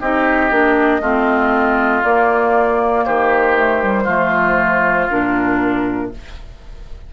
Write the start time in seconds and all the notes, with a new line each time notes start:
0.00 C4 D#4 G4 D#5
0.51 A#3 D4
1.00 A3 C4 F4
2.03 A#3 D5
3.05 D#3 G4 C5
3.57 A3
3.82 G3
4.03 F3 A3 F4
5.09 A#2 D4 A#4